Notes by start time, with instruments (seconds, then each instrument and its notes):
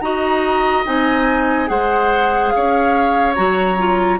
0.00 bassoon D#4, clarinet F#4, oboe D#5, flute A#5
0.85 bassoon C4, clarinet D#4, flute G#5
1.67 bassoon G#3, clarinet G#4, oboe C5, flute F#5
2.50 oboe C#5, flute F5
2.56 bassoon C#4
3.35 bassoon F#3, clarinet F#4, flute A#5
3.78 clarinet F4